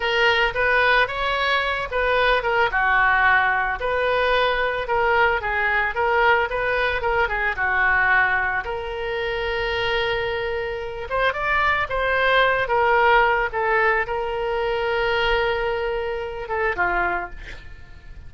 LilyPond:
\new Staff \with { instrumentName = "oboe" } { \time 4/4 \tempo 4 = 111 ais'4 b'4 cis''4. b'8~ | b'8 ais'8 fis'2 b'4~ | b'4 ais'4 gis'4 ais'4 | b'4 ais'8 gis'8 fis'2 |
ais'1~ | ais'8 c''8 d''4 c''4. ais'8~ | ais'4 a'4 ais'2~ | ais'2~ ais'8 a'8 f'4 | }